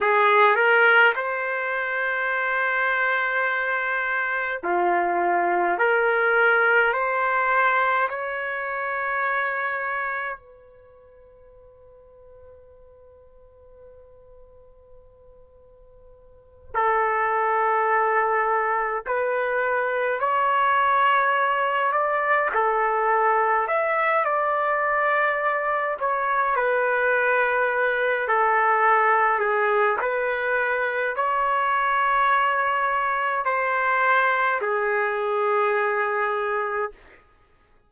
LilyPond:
\new Staff \with { instrumentName = "trumpet" } { \time 4/4 \tempo 4 = 52 gis'8 ais'8 c''2. | f'4 ais'4 c''4 cis''4~ | cis''4 b'2.~ | b'2~ b'8 a'4.~ |
a'8 b'4 cis''4. d''8 a'8~ | a'8 e''8 d''4. cis''8 b'4~ | b'8 a'4 gis'8 b'4 cis''4~ | cis''4 c''4 gis'2 | }